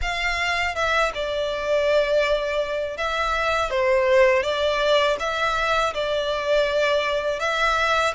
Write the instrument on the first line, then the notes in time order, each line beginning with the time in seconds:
violin
0.01 F5
0.75 E5
1.14 D5
2.97 E5
3.70 C5
4.42 D5
5.19 E5
5.94 D5
7.39 E5